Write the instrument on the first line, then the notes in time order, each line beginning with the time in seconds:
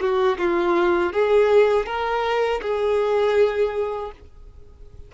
violin
0.00 F#4
0.38 F4
1.12 G#4
1.86 A#4
2.61 G#4